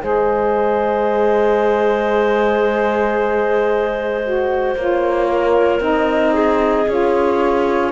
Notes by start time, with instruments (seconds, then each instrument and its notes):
0.00 cello G#3, saxophone G#4, clarinet C5, flute D#5
4.23 saxophone F#4
4.75 cello A#3, saxophone F4, flute C#5
5.29 clarinet A#4
5.80 cello C4, saxophone D#4, flute D#5
6.33 clarinet G#4
6.88 cello C#4, saxophone F4, flute C#5